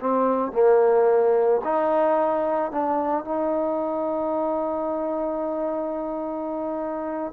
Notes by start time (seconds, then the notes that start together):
0.00 C4
0.53 A#3
1.64 D#4
2.72 D4
3.25 D#4